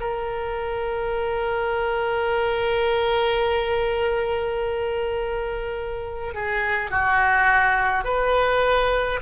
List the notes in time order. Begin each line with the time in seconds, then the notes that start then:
0.00 A#4
6.34 G#4
6.91 F#4
8.04 B4